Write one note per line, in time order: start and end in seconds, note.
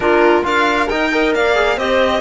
0.00 0.42 A#3
0.00 0.43 D4
0.00 0.44 F4
0.00 0.44 A#4
0.43 0.89 D4
0.43 0.87 F4
0.43 1.10 A#4
0.43 0.89 F5
0.89 1.11 D#4
0.89 1.34 D#4
0.89 1.33 G5
1.11 1.55 A#4
1.11 1.35 D#5
1.34 1.77 A#3
1.34 1.77 D5
1.34 1.78 F5
1.55 1.77 G#4
1.77 2.21 C4
1.77 2.21 G4
1.77 2.21 C5
1.77 2.21 D#5